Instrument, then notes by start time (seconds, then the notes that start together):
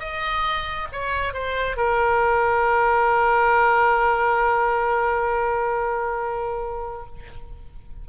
oboe
0.00 D#5
0.92 C#5
1.34 C5
1.77 A#4